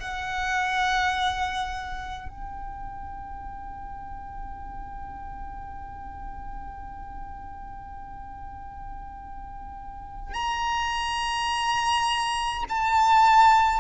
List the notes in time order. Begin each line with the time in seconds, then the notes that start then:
0.00 F#5
2.29 G5
10.34 A#5
12.69 A5